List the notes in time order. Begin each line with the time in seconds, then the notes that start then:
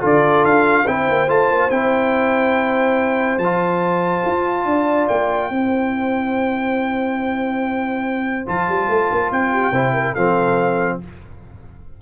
0.00 D3 F4 A4 D5
0.44 D4 F5
0.87 C4 E4 C5 G5
1.09 A#3
1.28 A3 F4 A5
1.49 A#3
1.71 C4 E4 G5
3.38 F3 F4 A5
4.26 F4
4.65 D4 D5
5.08 A#3 G5
5.50 C4 E4 C5
8.47 F3 F4 A5
8.69 G3
8.89 A3
9.12 A#3
9.31 C4 G5
9.52 G4
9.72 C3 E4 C5
9.94 A#4
10.13 F3 C4 A4 F5